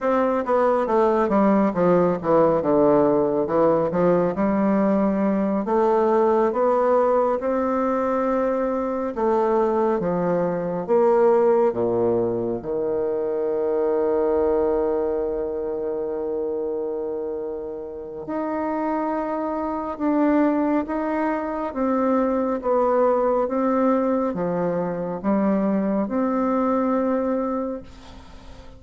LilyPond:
\new Staff \with { instrumentName = "bassoon" } { \time 4/4 \tempo 4 = 69 c'8 b8 a8 g8 f8 e8 d4 | e8 f8 g4. a4 b8~ | b8 c'2 a4 f8~ | f8 ais4 ais,4 dis4.~ |
dis1~ | dis4 dis'2 d'4 | dis'4 c'4 b4 c'4 | f4 g4 c'2 | }